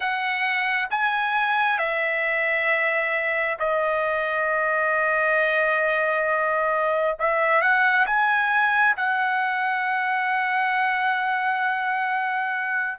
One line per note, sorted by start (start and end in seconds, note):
0.00 0.88 F#5
0.90 1.78 G#5
1.78 3.57 E5
3.59 7.17 D#5
7.19 7.61 E5
7.61 8.06 F#5
8.06 8.96 G#5
8.96 12.99 F#5